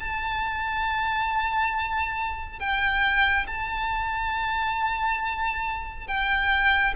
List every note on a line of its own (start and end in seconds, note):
0.00 2.60 A5
2.60 3.47 G5
3.47 6.08 A5
6.08 6.94 G5